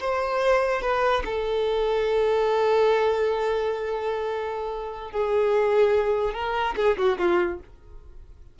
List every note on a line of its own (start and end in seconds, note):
0.00 0.82 C5
0.82 1.23 B4
1.25 5.11 A4
5.11 6.34 G#4
6.34 6.75 A#4
6.77 6.97 G#4
6.98 7.18 F#4
7.19 7.60 F4